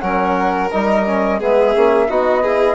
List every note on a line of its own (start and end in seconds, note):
0.00 0.72 F#3
0.00 0.70 C#4
0.00 1.39 A#4
0.00 0.69 F#5
0.72 1.42 G3
0.72 1.06 D#4
0.72 1.41 D#5
1.06 1.40 C#4
1.39 1.76 G#3
1.39 1.75 B3
1.39 2.08 G#4
1.39 2.12 E5
1.76 2.10 A#3
1.76 2.09 C#4
2.09 2.75 B3
2.09 2.43 D#4
2.09 2.43 F#4
2.09 2.75 D#5
2.43 2.75 E4
2.43 2.75 G#4